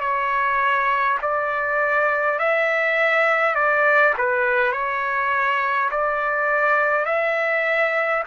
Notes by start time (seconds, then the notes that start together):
0.00 C#5
1.21 D5
2.39 E5
3.55 D5
4.17 B4
4.72 C#5
5.90 D5
7.05 E5